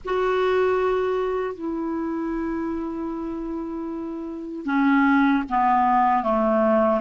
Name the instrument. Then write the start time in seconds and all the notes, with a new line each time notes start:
clarinet
0.04 F#4
1.54 E4
4.65 C#4
5.49 B3
6.23 A3